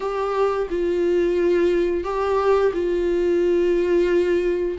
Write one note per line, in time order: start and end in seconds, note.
0.00 0.68 G4
0.70 2.04 F4
2.04 2.72 G4
2.73 4.78 F4